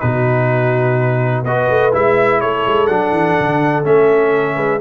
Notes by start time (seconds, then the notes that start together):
0.00 B2 D#4 F#4 B4
1.44 B3 F#4 B4 D#5
1.69 A3
1.91 G#3 E4 E5
2.40 A3 A4 C#5
2.66 G#3
2.87 F#3 D4 F#5
3.11 E3
3.40 D3
3.83 A3 C#4 E5
4.55 G#3 B4